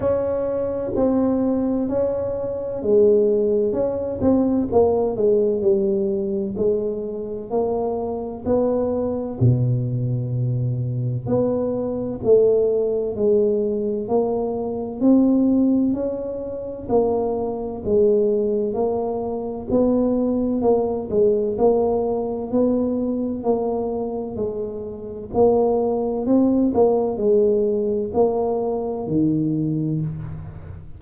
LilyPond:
\new Staff \with { instrumentName = "tuba" } { \time 4/4 \tempo 4 = 64 cis'4 c'4 cis'4 gis4 | cis'8 c'8 ais8 gis8 g4 gis4 | ais4 b4 b,2 | b4 a4 gis4 ais4 |
c'4 cis'4 ais4 gis4 | ais4 b4 ais8 gis8 ais4 | b4 ais4 gis4 ais4 | c'8 ais8 gis4 ais4 dis4 | }